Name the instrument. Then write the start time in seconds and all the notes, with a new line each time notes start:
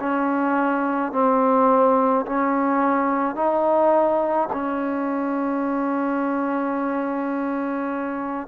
trombone
0.00 C#4
1.12 C4
2.26 C#4
3.36 D#4
4.52 C#4